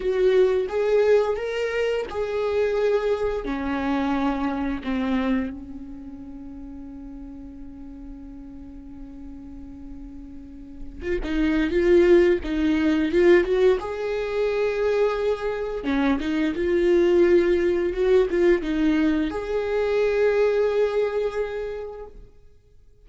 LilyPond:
\new Staff \with { instrumentName = "viola" } { \time 4/4 \tempo 4 = 87 fis'4 gis'4 ais'4 gis'4~ | gis'4 cis'2 c'4 | cis'1~ | cis'1 |
f'16 dis'8. f'4 dis'4 f'8 fis'8 | gis'2. cis'8 dis'8 | f'2 fis'8 f'8 dis'4 | gis'1 | }